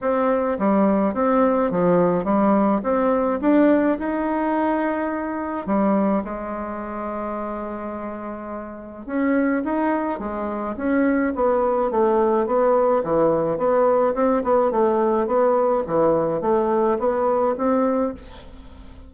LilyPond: \new Staff \with { instrumentName = "bassoon" } { \time 4/4 \tempo 4 = 106 c'4 g4 c'4 f4 | g4 c'4 d'4 dis'4~ | dis'2 g4 gis4~ | gis1 |
cis'4 dis'4 gis4 cis'4 | b4 a4 b4 e4 | b4 c'8 b8 a4 b4 | e4 a4 b4 c'4 | }